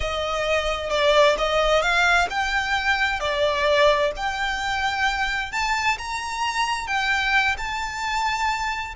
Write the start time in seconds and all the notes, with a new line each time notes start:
0.00 D#5
0.90 D5
1.37 D#5
1.82 F5
2.30 G5
3.20 D5
4.16 G5
5.51 A5
5.98 A#5
6.87 G5
7.57 A5